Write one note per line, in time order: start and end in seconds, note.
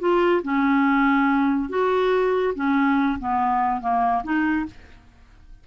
0.00 0.42 F4
0.43 1.70 C#4
1.70 2.54 F#4
2.55 3.19 C#4
3.19 3.81 B3
3.81 4.23 A#3
4.24 4.66 D#4